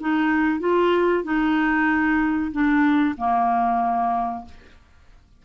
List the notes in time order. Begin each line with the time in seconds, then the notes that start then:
0.00 D#4
0.60 F4
1.24 D#4
2.52 D4
3.17 A#3